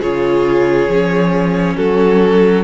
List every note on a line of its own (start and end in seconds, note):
0.00 0.87 C#3
0.00 0.90 F4
0.00 1.76 G#4
0.00 1.76 C#5
0.87 1.76 F3
0.87 2.64 C#4
1.76 2.64 F#3
1.76 2.64 F#4
1.76 2.64 A4